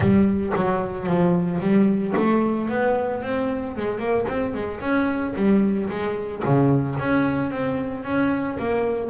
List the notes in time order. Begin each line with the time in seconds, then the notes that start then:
0.00 G3
0.55 F#3
1.06 F3
1.60 G3
2.16 A3
2.69 B3
3.22 C4
3.76 G#3
3.99 A#3
4.28 C4
4.54 G#3
4.80 C#4
5.35 G3
5.89 G#3
6.44 C#3
6.99 C#4
7.50 C4
8.04 C#4
8.59 A#3